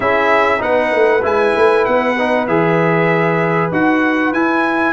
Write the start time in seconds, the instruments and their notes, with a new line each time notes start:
0.00 tuba C#4, trombone E4, horn G#4, trumpet E5
0.58 tuba B3, trombone D#4, horn B4, trumpet F#5
0.92 tuba A3
1.22 tuba G#3, trombone E4, trumpet G#5
1.55 tuba A3
1.85 tuba B3, trumpet F#5
2.18 trombone D#4
2.47 tuba E3, trombone G#4, trumpet E5
3.71 tuba D#4, trombone F#4, trumpet F#5
4.32 tuba E4, trombone E4, trumpet G#5